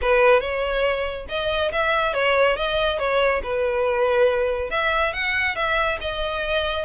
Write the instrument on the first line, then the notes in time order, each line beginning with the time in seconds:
violin
0.01 B4
0.40 C#5
1.28 D#5
1.71 E5
2.13 C#5
2.56 D#5
2.98 C#5
3.43 B4
4.70 E5
5.13 F#5
5.55 E5
6.00 D#5